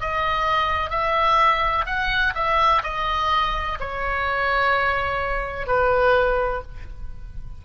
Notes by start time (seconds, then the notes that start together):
0.00 D#5
0.90 E5
1.86 F#5
2.35 E5
2.83 D#5
3.80 C#5
5.66 B4